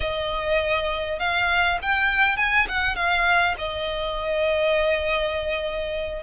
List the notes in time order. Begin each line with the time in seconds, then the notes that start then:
0.00 D#5
1.19 F5
1.81 G5
2.37 G#5
2.68 F#5
2.95 F5
3.58 D#5